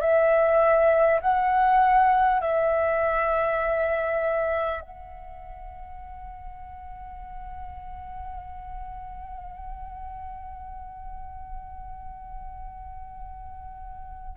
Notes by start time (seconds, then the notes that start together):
0.00 E5
1.21 F#5
2.41 E5
4.81 F#5